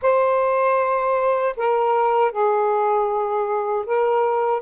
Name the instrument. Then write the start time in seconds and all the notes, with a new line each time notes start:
saxophone
0.01 C5
1.57 A#4
2.31 G#4
3.86 A#4